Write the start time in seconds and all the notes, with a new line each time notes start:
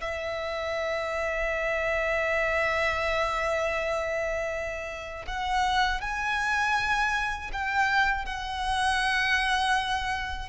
0.00 E5
5.26 F#5
6.01 G#5
7.52 G5
8.25 F#5